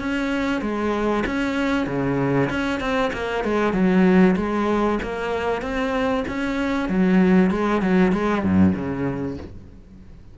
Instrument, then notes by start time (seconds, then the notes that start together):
cello
0.00 C#4
0.62 G#3
1.27 C#4
1.87 C#3
2.50 C#4
2.80 C4
3.14 A#3
3.45 G#3
3.74 F#3
4.37 G#3
5.03 A#3
5.62 C4
6.28 C#4
6.89 F#3
7.51 G#3
7.82 F#3
8.12 G#3
8.43 F#2
8.75 C#3